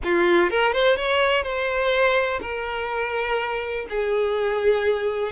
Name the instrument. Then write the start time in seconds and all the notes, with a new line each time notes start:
violin
0.04 F4
0.50 A#4
0.73 C5
0.96 C#5
1.43 C5
2.41 A#4
3.89 G#4